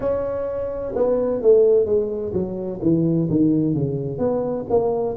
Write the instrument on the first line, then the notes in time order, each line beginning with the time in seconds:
tuba
0.00 C#4
0.95 B3
1.41 A3
1.85 G#3
2.33 F#3
2.82 E3
3.29 D#3
3.74 C#3
4.18 B3
4.69 A#3